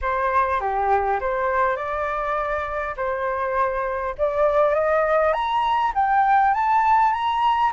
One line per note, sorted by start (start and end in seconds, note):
0.01 0.60 C5
0.60 1.19 G4
1.20 1.76 C5
1.76 2.95 D5
2.96 4.15 C5
4.18 4.74 D5
4.74 5.33 D#5
5.33 5.92 A#5
5.94 6.53 G5
6.53 7.13 A5
7.13 7.72 A#5